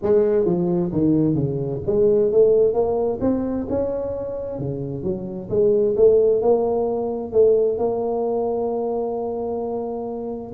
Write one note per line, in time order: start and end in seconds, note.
0.02 0.45 G#3
0.45 0.91 F3
0.92 1.34 D#3
1.34 1.80 C#3
1.86 2.31 G#3
2.31 2.73 A3
2.73 3.19 A#3
3.20 3.66 C4
3.69 4.58 C#4
4.58 5.03 C#3
5.03 5.49 F#3
5.49 5.95 G#3
5.96 6.41 A3
6.41 7.32 A#3
7.32 7.78 A3
7.78 10.52 A#3